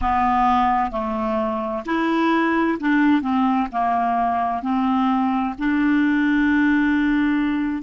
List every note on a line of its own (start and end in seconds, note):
0.01 0.91 B3
0.91 1.83 A3
1.85 2.78 E4
2.79 3.21 D4
3.21 3.68 C4
3.72 4.62 A#3
4.62 5.54 C4
5.58 7.82 D4